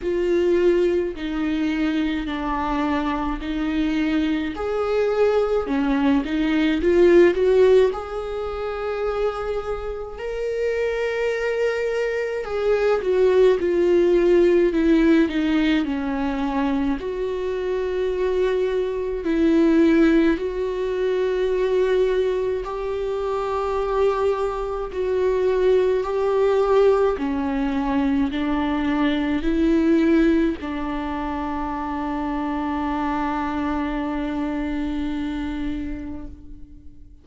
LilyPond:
\new Staff \with { instrumentName = "viola" } { \time 4/4 \tempo 4 = 53 f'4 dis'4 d'4 dis'4 | gis'4 cis'8 dis'8 f'8 fis'8 gis'4~ | gis'4 ais'2 gis'8 fis'8 | f'4 e'8 dis'8 cis'4 fis'4~ |
fis'4 e'4 fis'2 | g'2 fis'4 g'4 | cis'4 d'4 e'4 d'4~ | d'1 | }